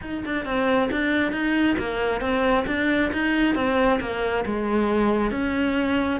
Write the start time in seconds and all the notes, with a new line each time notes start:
0.01 D#4
0.25 D4
0.45 C4
0.91 D4
1.32 D#4
1.78 A#3
2.20 C4
2.67 D4
3.13 D#4
3.55 C4
4.00 A#3
4.45 G#3
5.31 C#4